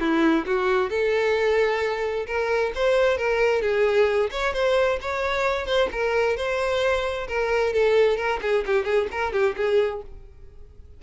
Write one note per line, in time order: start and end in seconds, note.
0.00 0.45 E4
0.46 0.90 F#4
0.90 2.26 A4
2.27 2.72 A#4
2.75 3.18 C5
3.18 3.62 A#4
3.62 4.30 G#4
4.31 4.54 C#5
4.54 4.99 C5
5.01 5.66 C#5
5.66 5.89 C5
5.92 6.37 A#4
6.37 7.27 C5
7.28 7.73 A#4
7.73 8.17 A4
8.17 8.40 A#4
8.42 8.65 G#4
8.66 8.85 G4
8.85 9.07 G#4
9.11 9.33 A#4
9.33 9.55 G4
9.57 10.02 G#4